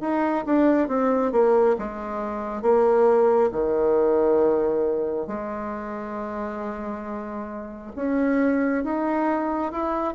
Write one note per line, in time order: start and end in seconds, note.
0.00 0.44 D#4
0.45 0.87 D4
0.87 1.32 C4
1.32 1.76 A#3
1.78 2.61 G#3
2.61 3.50 A#3
3.52 5.27 D#3
5.27 7.91 G#3
7.95 8.84 C#4
8.84 9.72 D#4
9.72 10.14 E4